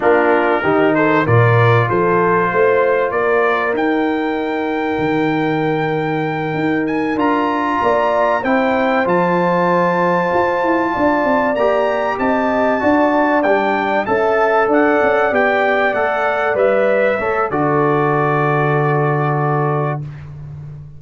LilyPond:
<<
  \new Staff \with { instrumentName = "trumpet" } { \time 4/4 \tempo 4 = 96 ais'4. c''8 d''4 c''4~ | c''4 d''4 g''2~ | g''2. gis''8 ais''8~ | ais''4. g''4 a''4.~ |
a''2~ a''8 ais''4 a''8~ | a''4. g''4 a''4 fis''8~ | fis''8 g''4 fis''4 e''4. | d''1 | }
  \new Staff \with { instrumentName = "horn" } { \time 4/4 f'4 g'8 a'8 ais'4 a'4 | c''4 ais'2.~ | ais'1~ | ais'8 d''4 c''2~ c''8~ |
c''4. d''2 dis''8~ | dis''8 d''2 e''4 d''8~ | d''2.~ d''8 cis''8 | a'1 | }
  \new Staff \with { instrumentName = "trombone" } { \time 4/4 d'4 dis'4 f'2~ | f'2 dis'2~ | dis'2.~ dis'8 f'8~ | f'4. e'4 f'4.~ |
f'2~ f'8 g'4.~ | g'8 fis'4 d'4 a'4.~ | a'8 g'4 a'4 b'4 a'8 | fis'1 | }
  \new Staff \with { instrumentName = "tuba" } { \time 4/4 ais4 dis4 ais,4 f4 | a4 ais4 dis'2 | dis2~ dis8 dis'4 d'8~ | d'8 ais4 c'4 f4.~ |
f8 f'8 e'8 d'8 c'8 ais4 c'8~ | c'8 d'4 g4 cis'4 d'8 | cis'8 b4 a4 g4 a8 | d1 | }
>>